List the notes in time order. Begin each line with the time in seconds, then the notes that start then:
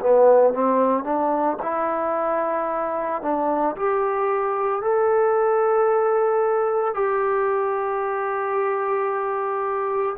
0.00 B3
0.54 C4
1.04 D4
1.62 E4
3.22 D4
3.76 G4
4.82 A4
6.94 G4